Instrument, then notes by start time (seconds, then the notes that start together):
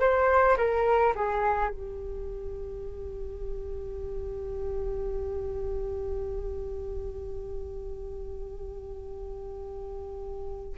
flute
0.00 C5
0.57 A#4
1.15 G#4
1.69 G4